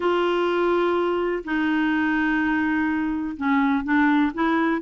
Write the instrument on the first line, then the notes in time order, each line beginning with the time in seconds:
clarinet
0.00 F4
1.44 D#4
3.36 C#4
3.84 D4
4.34 E4